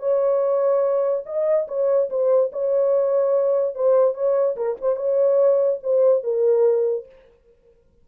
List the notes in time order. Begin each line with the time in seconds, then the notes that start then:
0.00 C#5
1.26 D#5
1.68 C#5
2.10 C5
2.53 C#5
3.75 C5
4.15 C#5
4.56 A#4
4.82 C5
4.96 C#5
5.83 C5
6.24 A#4